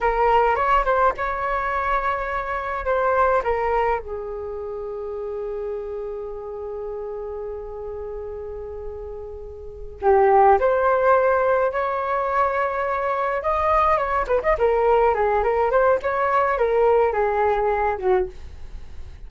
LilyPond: \new Staff \with { instrumentName = "flute" } { \time 4/4 \tempo 4 = 105 ais'4 cis''8 c''8 cis''2~ | cis''4 c''4 ais'4 gis'4~ | gis'1~ | gis'1~ |
gis'4. g'4 c''4.~ | c''8 cis''2. dis''8~ | dis''8 cis''8 b'16 dis''16 ais'4 gis'8 ais'8 c''8 | cis''4 ais'4 gis'4. fis'8 | }